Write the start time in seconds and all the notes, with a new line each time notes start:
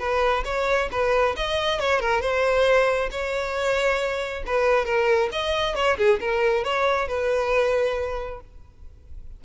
0.00 B4
0.45 C#5
0.92 B4
1.37 D#5
1.80 C#5
2.00 A#4
2.22 C5
3.11 C#5
4.47 B4
4.85 A#4
5.32 D#5
5.76 C#5
5.98 G#4
6.21 A#4
6.64 C#5
7.08 B4